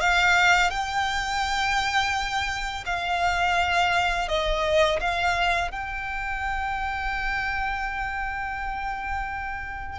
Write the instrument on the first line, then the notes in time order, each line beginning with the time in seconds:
violin
0.00 F5
0.70 G5
2.85 F5
4.28 D#5
5.00 F5
5.71 G5